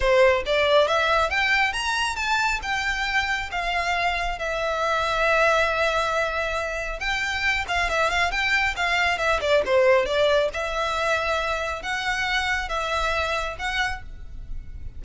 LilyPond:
\new Staff \with { instrumentName = "violin" } { \time 4/4 \tempo 4 = 137 c''4 d''4 e''4 g''4 | ais''4 a''4 g''2 | f''2 e''2~ | e''1 |
g''4. f''8 e''8 f''8 g''4 | f''4 e''8 d''8 c''4 d''4 | e''2. fis''4~ | fis''4 e''2 fis''4 | }